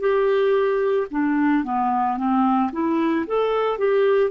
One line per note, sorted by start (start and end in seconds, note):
0.00 1.07 G4
1.11 1.64 D4
1.64 2.18 B3
2.18 2.71 C4
2.73 3.26 E4
3.27 3.79 A4
3.79 4.31 G4